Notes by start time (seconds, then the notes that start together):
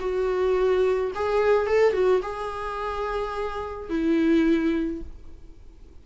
0.00 F#4
1.15 G#4
1.67 A4
1.93 F#4
2.23 G#4
3.90 E4